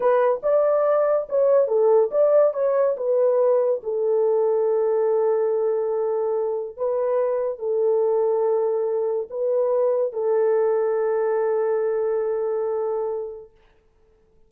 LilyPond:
\new Staff \with { instrumentName = "horn" } { \time 4/4 \tempo 4 = 142 b'4 d''2 cis''4 | a'4 d''4 cis''4 b'4~ | b'4 a'2.~ | a'1 |
b'2 a'2~ | a'2 b'2 | a'1~ | a'1 | }